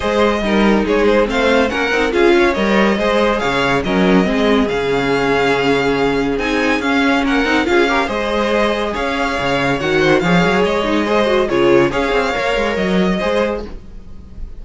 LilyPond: <<
  \new Staff \with { instrumentName = "violin" } { \time 4/4 \tempo 4 = 141 dis''2 cis''8 c''8 f''4 | fis''4 f''4 dis''2 | f''4 dis''2 f''4~ | f''2. gis''4 |
f''4 fis''4 f''4 dis''4~ | dis''4 f''2 fis''4 | f''4 dis''2 cis''4 | f''2 dis''2 | }
  \new Staff \with { instrumentName = "violin" } { \time 4/4 c''4 ais'4 gis'4 c''4 | ais'4 gis'8 cis''4. c''4 | cis''4 ais'4 gis'2~ | gis'1~ |
gis'4 ais'4 gis'8 ais'8 c''4~ | c''4 cis''2~ cis''8 c''8 | cis''2 c''4 gis'4 | cis''2. c''4 | }
  \new Staff \with { instrumentName = "viola" } { \time 4/4 gis'4 dis'2 c'4 | cis'8 dis'8 f'4 ais'4 gis'4~ | gis'4 cis'4 c'4 cis'4~ | cis'2. dis'4 |
cis'4. dis'8 f'8 g'8 gis'4~ | gis'2. fis'4 | gis'4. dis'8 gis'8 fis'8 f'4 | gis'4 ais'2 gis'4 | }
  \new Staff \with { instrumentName = "cello" } { \time 4/4 gis4 g4 gis4 a4 | ais8 c'8 cis'4 g4 gis4 | cis4 fis4 gis4 cis4~ | cis2. c'4 |
cis'4 ais8 c'8 cis'4 gis4~ | gis4 cis'4 cis4 dis4 | f8 fis8 gis2 cis4 | cis'8 c'8 ais8 gis8 fis4 gis4 | }
>>